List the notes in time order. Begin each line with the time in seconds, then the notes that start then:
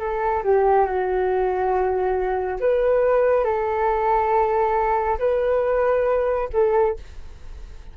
0.00 A4
0.44 G4
0.86 F#4
2.60 B4
3.45 A4
5.19 B4
6.53 A4